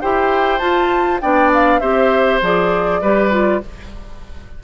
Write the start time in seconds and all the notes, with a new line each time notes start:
0.00 E4 G4 C5 G5
0.58 F4 A5
1.21 B3 D4 D5 G5
1.53 F5
1.79 C4 G4 C5 E5
2.42 F3 G#4 D5
3.01 G3 G4 B4
3.30 F4